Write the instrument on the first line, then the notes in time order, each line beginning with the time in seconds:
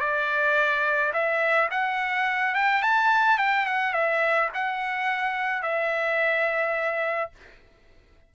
trumpet
0.00 D5
1.13 E5
1.71 F#5
2.55 G5
2.82 A5
3.38 G5
3.66 F#5
3.93 E5
4.54 F#5
5.63 E5